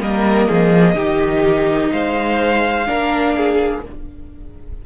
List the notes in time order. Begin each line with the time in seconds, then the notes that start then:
0.00 G3 A#3 A#4 D#5
0.48 F3 G#4
0.95 D#3 D#4 G4
1.91 G#3 C5 F5
2.86 A#3 D4 A#4
3.37 G#4